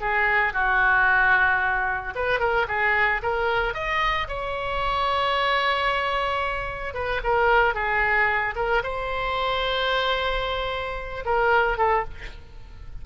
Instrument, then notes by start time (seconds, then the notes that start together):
oboe
0.00 G#4
0.53 F#4
2.15 B4
2.39 A#4
2.68 G#4
3.22 A#4
3.74 D#5
4.28 C#5
6.94 B4
7.23 A#4
7.74 G#4
8.55 A#4
8.83 C5
11.25 A#4
11.78 A4